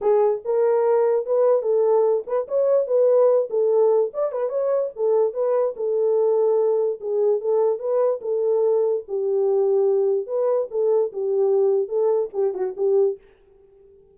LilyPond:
\new Staff \with { instrumentName = "horn" } { \time 4/4 \tempo 4 = 146 gis'4 ais'2 b'4 | a'4. b'8 cis''4 b'4~ | b'8 a'4. d''8 b'8 cis''4 | a'4 b'4 a'2~ |
a'4 gis'4 a'4 b'4 | a'2 g'2~ | g'4 b'4 a'4 g'4~ | g'4 a'4 g'8 fis'8 g'4 | }